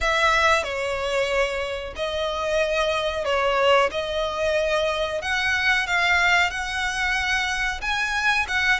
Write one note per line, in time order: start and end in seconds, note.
0.01 0.63 E5
0.63 1.94 C#5
1.96 3.24 D#5
3.24 3.90 C#5
3.91 5.21 D#5
5.21 5.86 F#5
5.86 6.50 F5
6.50 7.81 F#5
7.81 8.46 G#5
8.48 8.79 F#5